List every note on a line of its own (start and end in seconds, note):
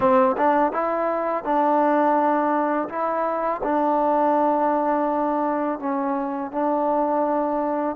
0.00 0.35 C4
0.37 0.72 D4
0.72 1.44 E4
1.44 2.88 D4
2.88 3.61 E4
3.63 5.79 D4
5.79 6.51 C#4
6.51 7.96 D4